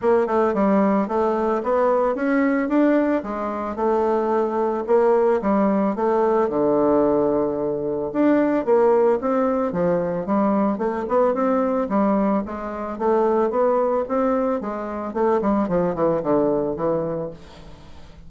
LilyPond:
\new Staff \with { instrumentName = "bassoon" } { \time 4/4 \tempo 4 = 111 ais8 a8 g4 a4 b4 | cis'4 d'4 gis4 a4~ | a4 ais4 g4 a4 | d2. d'4 |
ais4 c'4 f4 g4 | a8 b8 c'4 g4 gis4 | a4 b4 c'4 gis4 | a8 g8 f8 e8 d4 e4 | }